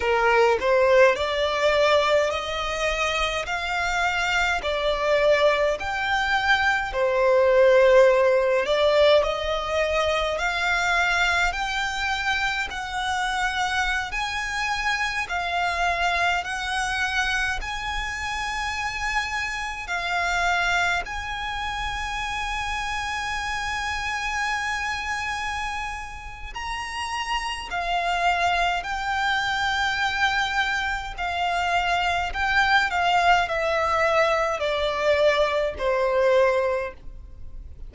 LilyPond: \new Staff \with { instrumentName = "violin" } { \time 4/4 \tempo 4 = 52 ais'8 c''8 d''4 dis''4 f''4 | d''4 g''4 c''4. d''8 | dis''4 f''4 g''4 fis''4~ | fis''16 gis''4 f''4 fis''4 gis''8.~ |
gis''4~ gis''16 f''4 gis''4.~ gis''16~ | gis''2. ais''4 | f''4 g''2 f''4 | g''8 f''8 e''4 d''4 c''4 | }